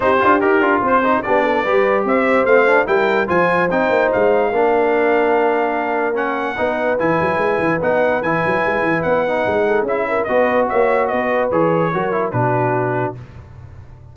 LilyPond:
<<
  \new Staff \with { instrumentName = "trumpet" } { \time 4/4 \tempo 4 = 146 c''4 ais'4 c''4 d''4~ | d''4 e''4 f''4 g''4 | gis''4 g''4 f''2~ | f''2. fis''4~ |
fis''4 gis''2 fis''4 | gis''2 fis''2 | e''4 dis''4 e''4 dis''4 | cis''2 b'2 | }
  \new Staff \with { instrumentName = "horn" } { \time 4/4 g'2 c''4 g'8 a'8 | b'4 c''2 ais'4 | c''2. ais'4~ | ais'1 |
b'1~ | b'2.~ b'8 a'8 | gis'8 ais'8 b'4 cis''4 b'4~ | b'4 ais'4 fis'2 | }
  \new Staff \with { instrumentName = "trombone" } { \time 4/4 dis'8 f'8 g'8 f'4 dis'8 d'4 | g'2 c'8 d'8 e'4 | f'4 dis'2 d'4~ | d'2. cis'4 |
dis'4 e'2 dis'4 | e'2~ e'8 dis'4. | e'4 fis'2. | gis'4 fis'8 e'8 d'2 | }
  \new Staff \with { instrumentName = "tuba" } { \time 4/4 c'8 d'8 dis'8 d'8 c'4 b4 | g4 c'4 a4 g4 | f4 c'8 ais8 gis4 ais4~ | ais1 |
b4 e8 fis8 gis8 e8 b4 | e8 fis8 gis8 e8 b4 gis4 | cis'4 b4 ais4 b4 | e4 fis4 b,2 | }
>>